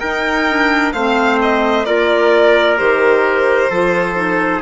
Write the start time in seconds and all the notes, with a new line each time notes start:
0.00 D#4 A#4 G5
0.49 D4
0.93 A3 C4 C5 F5
1.42 D#5
1.85 A#3 F4 A#4 D5
2.77 D#3 G4 C5
3.70 F3 F4 A4
4.15 D#4